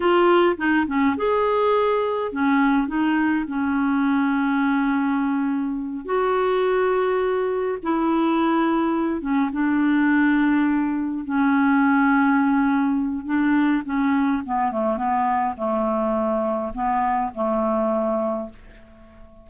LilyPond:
\new Staff \with { instrumentName = "clarinet" } { \time 4/4 \tempo 4 = 104 f'4 dis'8 cis'8 gis'2 | cis'4 dis'4 cis'2~ | cis'2~ cis'8 fis'4.~ | fis'4. e'2~ e'8 |
cis'8 d'2. cis'8~ | cis'2. d'4 | cis'4 b8 a8 b4 a4~ | a4 b4 a2 | }